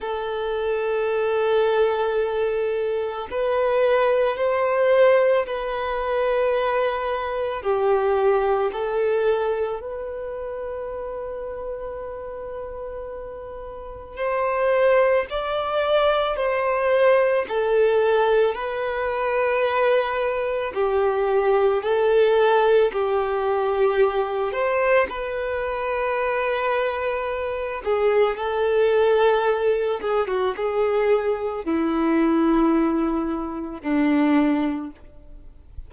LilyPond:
\new Staff \with { instrumentName = "violin" } { \time 4/4 \tempo 4 = 55 a'2. b'4 | c''4 b'2 g'4 | a'4 b'2.~ | b'4 c''4 d''4 c''4 |
a'4 b'2 g'4 | a'4 g'4. c''8 b'4~ | b'4. gis'8 a'4. gis'16 fis'16 | gis'4 e'2 d'4 | }